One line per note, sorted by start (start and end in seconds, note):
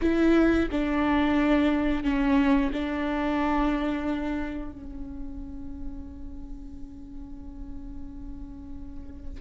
0.01 0.69 E4
0.71 2.03 D4
2.03 2.71 C#4
2.72 4.72 D4
4.72 9.41 C#4